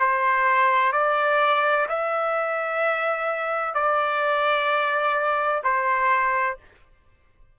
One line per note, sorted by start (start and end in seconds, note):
0.00 0.93 C5
0.93 1.87 D5
1.89 3.75 E5
3.75 5.62 D5
5.64 6.58 C5